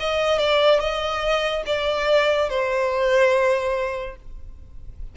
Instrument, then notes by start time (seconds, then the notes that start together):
violin
0.00 D#5
0.39 D5
0.80 D#5
1.67 D5
2.50 C5